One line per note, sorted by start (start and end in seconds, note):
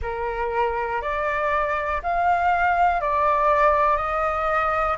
0.02 1.01 A#4
1.01 2.01 D5
2.03 3.00 F5
3.00 3.96 D5
3.96 4.96 D#5